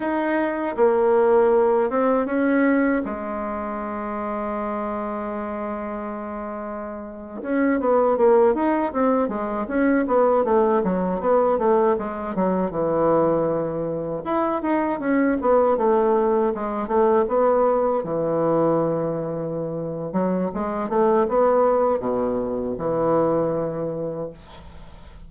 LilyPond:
\new Staff \with { instrumentName = "bassoon" } { \time 4/4 \tempo 4 = 79 dis'4 ais4. c'8 cis'4 | gis1~ | gis4.~ gis16 cis'8 b8 ais8 dis'8 c'16~ | c'16 gis8 cis'8 b8 a8 fis8 b8 a8 gis16~ |
gis16 fis8 e2 e'8 dis'8 cis'16~ | cis'16 b8 a4 gis8 a8 b4 e16~ | e2~ e8 fis8 gis8 a8 | b4 b,4 e2 | }